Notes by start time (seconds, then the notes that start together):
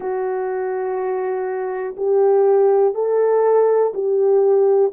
0.00 F#4
1.96 G4
2.94 A4
3.93 G4